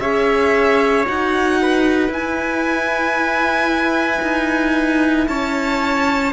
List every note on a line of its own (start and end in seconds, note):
0.00 1.05 C#4
0.00 1.06 G#4
0.00 1.58 C#5
0.00 1.05 E5
1.07 2.09 D#4
1.07 2.12 F#4
1.07 2.12 F#5
1.62 5.29 B4
2.09 4.20 E4
2.09 6.32 E4
2.09 5.28 G#5
4.22 5.27 D#4
5.28 6.32 C#4
5.28 6.32 C#5
5.28 6.32 A5